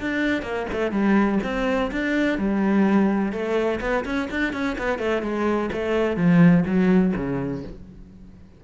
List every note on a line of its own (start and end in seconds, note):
0.00 0.42 D4
0.42 0.66 A#3
0.72 0.91 A3
0.91 1.39 G3
1.43 1.91 C4
1.91 2.38 D4
2.38 3.32 G3
3.32 3.80 A3
3.81 4.04 B3
4.05 4.29 C#4
4.31 4.53 D4
4.53 4.77 C#4
4.78 4.98 B3
4.98 5.22 A3
5.22 5.70 G#3
5.73 6.16 A3
6.16 6.64 F3
6.66 7.13 F#3
7.16 7.63 C#3